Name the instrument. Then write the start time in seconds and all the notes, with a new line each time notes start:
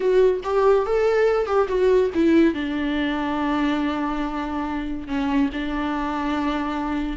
viola
0.00 F#4
0.43 G4
0.86 A4
1.46 G4
1.68 F#4
2.14 E4
2.54 D4
5.07 C#4
5.52 D4